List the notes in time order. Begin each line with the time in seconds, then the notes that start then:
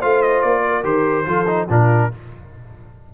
0.00 A3 F4 C5 F5
0.22 D#5
0.41 A#3 D5
0.67 A#4
0.83 D#3 G4 C5
1.25 F3 F4 A4
1.47 D#4
1.69 A#2 D4 F4 A#4